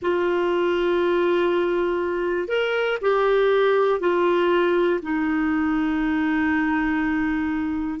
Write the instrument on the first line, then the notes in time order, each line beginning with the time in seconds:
clarinet
0.02 F4
2.48 A#4
3.01 G4
4.00 F4
5.02 D#4